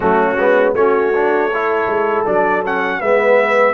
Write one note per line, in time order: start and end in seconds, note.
0.00 0.36 F#3
0.00 0.37 A3
0.00 0.74 C#4
0.00 0.73 F#4
0.36 0.73 G#3
0.36 0.75 B3
0.73 1.86 A3
0.73 1.13 C#4
0.73 1.47 F#4
0.73 2.25 C#5
1.13 1.51 D4
1.47 2.97 A4
1.53 2.26 E4
1.87 2.24 G#3
2.25 3.01 F#3
2.25 2.63 D4
2.25 2.63 D5
2.65 3.02 C#4
2.65 3.00 F#5
2.99 3.74 G#3
2.99 3.74 B3
2.99 3.74 B4
2.99 3.74 E5